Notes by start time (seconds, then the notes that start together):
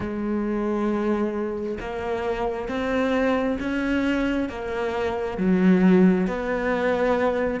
0.00 G#3
1.80 A#3
2.68 C4
3.59 C#4
4.49 A#3
5.37 F#3
6.27 B3